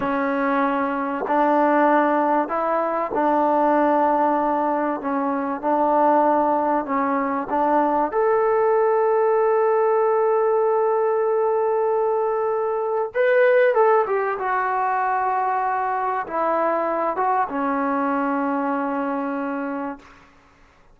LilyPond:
\new Staff \with { instrumentName = "trombone" } { \time 4/4 \tempo 4 = 96 cis'2 d'2 | e'4 d'2. | cis'4 d'2 cis'4 | d'4 a'2.~ |
a'1~ | a'4 b'4 a'8 g'8 fis'4~ | fis'2 e'4. fis'8 | cis'1 | }